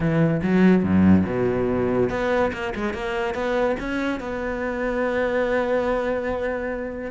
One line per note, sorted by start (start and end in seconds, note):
0.00 0.41 E3
0.42 0.83 F#3
0.83 1.25 F#2
1.25 2.09 B2
2.09 2.51 B3
2.52 2.73 A#3
2.75 2.93 G#3
2.93 3.34 A#3
3.34 3.76 B3
3.79 4.19 C#4
4.19 7.11 B3